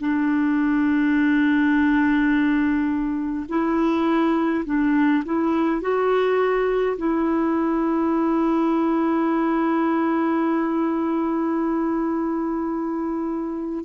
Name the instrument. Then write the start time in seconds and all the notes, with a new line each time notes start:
clarinet
0.00 D4
3.49 E4
4.65 D4
5.25 E4
5.81 F#4
6.97 E4